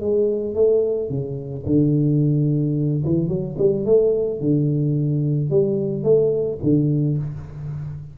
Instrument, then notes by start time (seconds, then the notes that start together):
tuba
0.00 G#3
0.54 A3
1.09 C#3
1.66 D3
3.04 E3
3.28 F#3
3.58 G3
3.85 A3
4.40 D3
5.50 G3
6.03 A3
6.63 D3